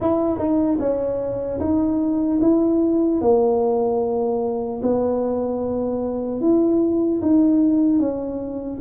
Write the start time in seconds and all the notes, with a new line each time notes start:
0.00 E4
0.38 D#4
0.79 C#4
1.60 D#4
2.41 E4
3.21 A#3
4.82 B3
6.40 E4
7.21 D#4
7.99 C#4